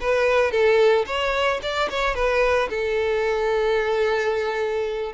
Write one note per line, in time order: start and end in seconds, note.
0.00 0.51 B4
0.51 1.05 A4
1.06 1.60 C#5
1.62 1.89 D5
1.90 2.14 C#5
2.14 2.69 B4
2.69 5.13 A4